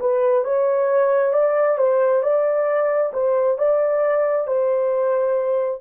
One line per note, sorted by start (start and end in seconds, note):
0.00 0.44 B4
0.44 1.34 C#5
1.34 1.78 D5
1.78 2.23 C5
2.23 3.13 D5
3.13 3.58 C5
3.58 4.47 D5
4.47 5.81 C5